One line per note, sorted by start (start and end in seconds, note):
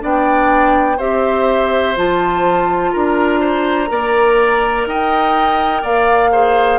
0.00 0.99 B3
0.00 0.97 D4
0.00 0.98 D5
0.00 1.00 G5
0.98 1.96 C4
0.98 1.96 G4
0.98 2.91 C5
0.98 1.96 E5
1.96 2.94 F3
1.96 3.88 F4
1.96 2.93 A5
2.93 3.91 D4
2.93 3.40 A#4
2.93 4.87 A#5
3.40 3.89 C5
3.88 4.87 A#3
3.88 6.30 A#4
3.88 4.89 D5
4.87 5.83 D#4
4.87 5.82 D#5
4.87 5.85 G5
5.82 6.79 A#3
5.82 6.30 D5
5.82 6.79 F5
6.32 6.79 G#4
6.32 6.79 C5